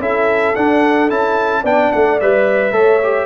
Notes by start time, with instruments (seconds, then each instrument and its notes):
0.00 tuba C#4, trombone E4, horn A4, trumpet E5
0.56 trombone D4, tuba D4, trumpet F#5
1.10 tuba C#4, trombone E4, trumpet A5
1.62 tuba B3, trombone D4, horn D5, trumpet G5
1.92 tuba A3, trumpet F#5
2.21 tuba G3, trombone B4, trumpet E5
2.72 tuba A3, trombone A4, horn C#5
3.03 trombone G4